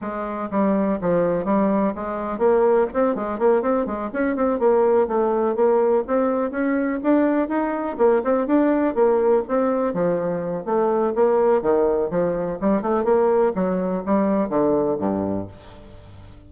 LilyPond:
\new Staff \with { instrumentName = "bassoon" } { \time 4/4 \tempo 4 = 124 gis4 g4 f4 g4 | gis4 ais4 c'8 gis8 ais8 c'8 | gis8 cis'8 c'8 ais4 a4 ais8~ | ais8 c'4 cis'4 d'4 dis'8~ |
dis'8 ais8 c'8 d'4 ais4 c'8~ | c'8 f4. a4 ais4 | dis4 f4 g8 a8 ais4 | fis4 g4 d4 g,4 | }